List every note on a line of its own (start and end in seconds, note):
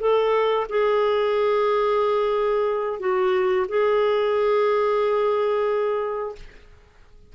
0.00 0.67 A4
0.69 3.00 G#4
3.00 3.66 F#4
3.68 6.35 G#4